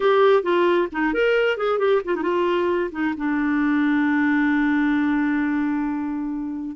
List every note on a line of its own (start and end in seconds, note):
0.00 0.43 G4
0.43 0.88 F4
0.91 1.13 D#4
1.13 1.57 A#4
1.57 1.78 G#4
1.78 2.01 G4
2.04 2.15 F4
2.15 2.22 D#4
2.22 2.90 F4
2.91 3.14 D#4
3.17 6.76 D4